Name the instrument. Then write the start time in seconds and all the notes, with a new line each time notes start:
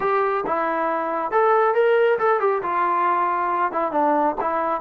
trombone
0.00 G4
0.46 E4
1.31 A4
1.74 A#4
2.18 A4
2.39 G4
2.62 F4
3.72 E4
3.91 D4
4.40 E4